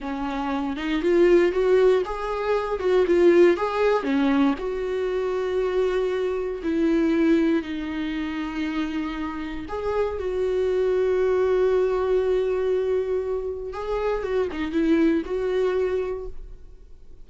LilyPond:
\new Staff \with { instrumentName = "viola" } { \time 4/4 \tempo 4 = 118 cis'4. dis'8 f'4 fis'4 | gis'4. fis'8 f'4 gis'4 | cis'4 fis'2.~ | fis'4 e'2 dis'4~ |
dis'2. gis'4 | fis'1~ | fis'2. gis'4 | fis'8 dis'8 e'4 fis'2 | }